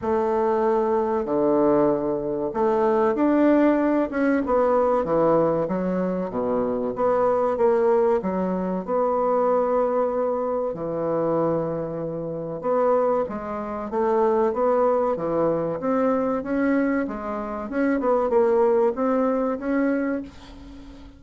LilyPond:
\new Staff \with { instrumentName = "bassoon" } { \time 4/4 \tempo 4 = 95 a2 d2 | a4 d'4. cis'8 b4 | e4 fis4 b,4 b4 | ais4 fis4 b2~ |
b4 e2. | b4 gis4 a4 b4 | e4 c'4 cis'4 gis4 | cis'8 b8 ais4 c'4 cis'4 | }